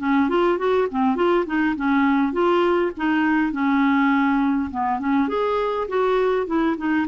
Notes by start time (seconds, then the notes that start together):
0.00 C#4
0.29 F4
0.59 F#4
0.92 C4
1.16 F4
1.47 D#4
1.77 C#4
2.33 F4
2.97 D#4
3.53 C#4
4.71 B3
5.00 C#4
5.29 G#4
5.89 F#4
6.47 E4
6.78 D#4